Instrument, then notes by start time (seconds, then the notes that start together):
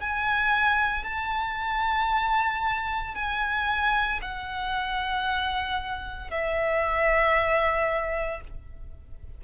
violin
0.00 G#5
1.04 A5
3.15 G#5
4.22 F#5
6.30 E5